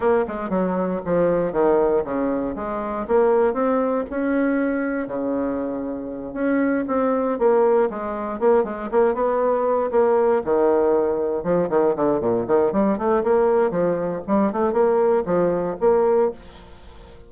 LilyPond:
\new Staff \with { instrumentName = "bassoon" } { \time 4/4 \tempo 4 = 118 ais8 gis8 fis4 f4 dis4 | cis4 gis4 ais4 c'4 | cis'2 cis2~ | cis8 cis'4 c'4 ais4 gis8~ |
gis8 ais8 gis8 ais8 b4. ais8~ | ais8 dis2 f8 dis8 d8 | ais,8 dis8 g8 a8 ais4 f4 | g8 a8 ais4 f4 ais4 | }